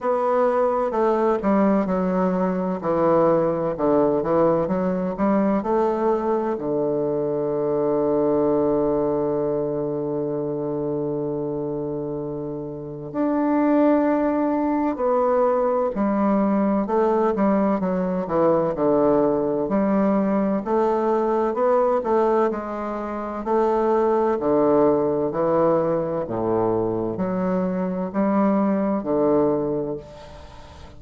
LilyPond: \new Staff \with { instrumentName = "bassoon" } { \time 4/4 \tempo 4 = 64 b4 a8 g8 fis4 e4 | d8 e8 fis8 g8 a4 d4~ | d1~ | d2 d'2 |
b4 g4 a8 g8 fis8 e8 | d4 g4 a4 b8 a8 | gis4 a4 d4 e4 | a,4 fis4 g4 d4 | }